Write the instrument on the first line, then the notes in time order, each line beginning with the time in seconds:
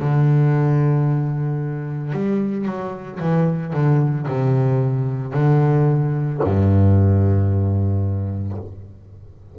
double bass
0.00 D3
2.13 G3
2.66 F#3
3.20 E3
3.73 D3
4.28 C3
5.33 D3
6.43 G2